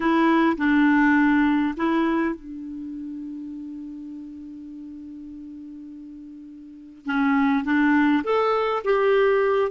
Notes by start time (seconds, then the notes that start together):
0.00 E4
0.57 D4
1.76 E4
2.35 D4
7.05 C#4
7.64 D4
8.24 A4
8.84 G4